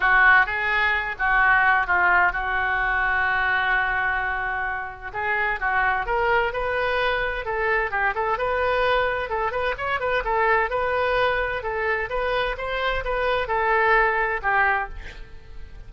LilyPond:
\new Staff \with { instrumentName = "oboe" } { \time 4/4 \tempo 4 = 129 fis'4 gis'4. fis'4. | f'4 fis'2.~ | fis'2. gis'4 | fis'4 ais'4 b'2 |
a'4 g'8 a'8 b'2 | a'8 b'8 cis''8 b'8 a'4 b'4~ | b'4 a'4 b'4 c''4 | b'4 a'2 g'4 | }